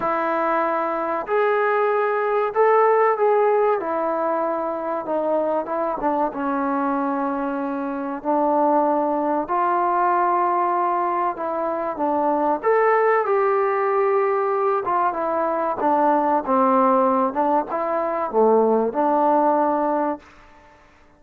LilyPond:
\new Staff \with { instrumentName = "trombone" } { \time 4/4 \tempo 4 = 95 e'2 gis'2 | a'4 gis'4 e'2 | dis'4 e'8 d'8 cis'2~ | cis'4 d'2 f'4~ |
f'2 e'4 d'4 | a'4 g'2~ g'8 f'8 | e'4 d'4 c'4. d'8 | e'4 a4 d'2 | }